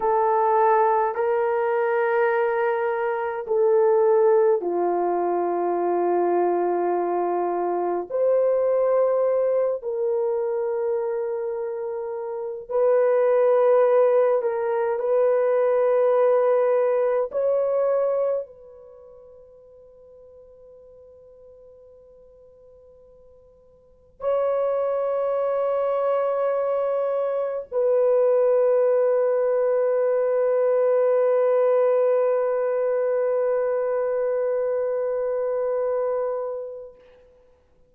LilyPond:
\new Staff \with { instrumentName = "horn" } { \time 4/4 \tempo 4 = 52 a'4 ais'2 a'4 | f'2. c''4~ | c''8 ais'2~ ais'8 b'4~ | b'8 ais'8 b'2 cis''4 |
b'1~ | b'4 cis''2. | b'1~ | b'1 | }